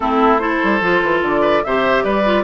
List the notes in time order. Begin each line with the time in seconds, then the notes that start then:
0.00 A3 C4 E4 A4
0.38 E4 A4 C5
0.63 G3
0.80 F3 F4
1.02 E3
1.22 D3 D5
1.41 B4
1.64 C3 G4 C5 E5
2.03 G3 B4 D5
2.24 F4